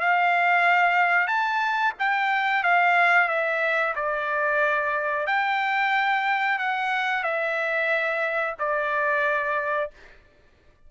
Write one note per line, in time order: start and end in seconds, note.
0.00 1.27 F5
1.27 1.93 A5
1.99 2.63 G5
2.63 3.28 F5
3.28 3.94 E5
3.95 5.26 D5
5.26 6.58 G5
6.58 7.23 F#5
7.23 8.55 E5
8.58 9.90 D5